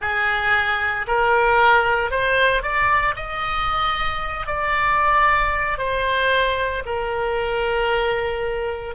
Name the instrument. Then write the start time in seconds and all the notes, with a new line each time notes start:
oboe
0.01 G#4
1.07 A#4
2.11 C5
2.62 D5
3.16 D#5
4.46 D5
5.78 C5
6.85 A#4